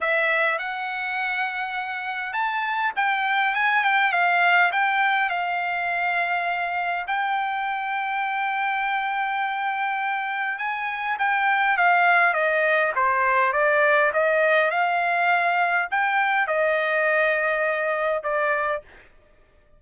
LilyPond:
\new Staff \with { instrumentName = "trumpet" } { \time 4/4 \tempo 4 = 102 e''4 fis''2. | a''4 g''4 gis''8 g''8 f''4 | g''4 f''2. | g''1~ |
g''2 gis''4 g''4 | f''4 dis''4 c''4 d''4 | dis''4 f''2 g''4 | dis''2. d''4 | }